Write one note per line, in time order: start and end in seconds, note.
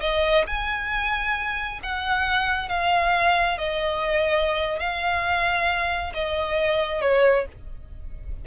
0.00 0.44 D#5
0.46 1.80 G#5
1.83 2.69 F#5
2.69 3.58 F5
3.58 4.79 D#5
4.79 6.13 F5
6.14 7.01 D#5
7.01 7.45 C#5